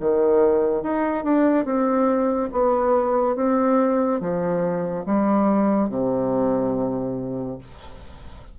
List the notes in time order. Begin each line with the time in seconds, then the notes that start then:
0.00 D#3
0.83 D#4
1.24 D4
1.65 C4
2.52 B3
3.36 C4
4.21 F3
5.06 G3
5.89 C3